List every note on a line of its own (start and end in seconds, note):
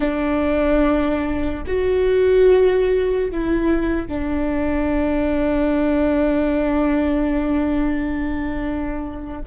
0.00 1.63 D4
1.66 3.31 F#4
3.31 4.07 E4
4.07 9.41 D4